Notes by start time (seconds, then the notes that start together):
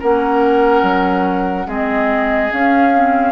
0.00 A#3 C#4 A#4 F#5
0.82 F#3
1.67 G#3 C4 G#4 D#5
2.50 C#4 F5
2.94 C4